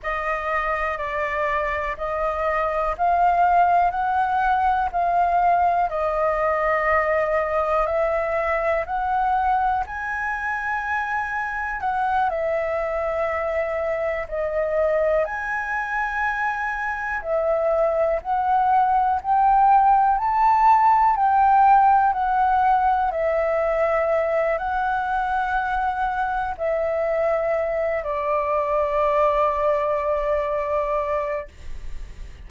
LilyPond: \new Staff \with { instrumentName = "flute" } { \time 4/4 \tempo 4 = 61 dis''4 d''4 dis''4 f''4 | fis''4 f''4 dis''2 | e''4 fis''4 gis''2 | fis''8 e''2 dis''4 gis''8~ |
gis''4. e''4 fis''4 g''8~ | g''8 a''4 g''4 fis''4 e''8~ | e''4 fis''2 e''4~ | e''8 d''2.~ d''8 | }